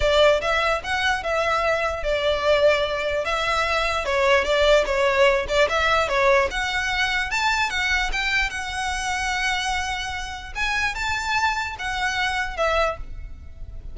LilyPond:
\new Staff \with { instrumentName = "violin" } { \time 4/4 \tempo 4 = 148 d''4 e''4 fis''4 e''4~ | e''4 d''2. | e''2 cis''4 d''4 | cis''4. d''8 e''4 cis''4 |
fis''2 a''4 fis''4 | g''4 fis''2.~ | fis''2 gis''4 a''4~ | a''4 fis''2 e''4 | }